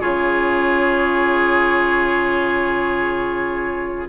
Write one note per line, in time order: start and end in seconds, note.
0.00 4.09 C#3
0.00 4.09 F4
0.00 4.08 G#4
0.00 4.08 C#5